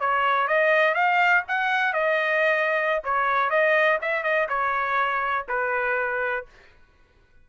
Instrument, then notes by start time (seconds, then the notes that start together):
trumpet
0.00 C#5
0.47 D#5
0.94 F5
1.48 F#5
1.93 D#5
3.04 C#5
3.50 D#5
4.02 E5
4.23 D#5
4.49 C#5
5.48 B4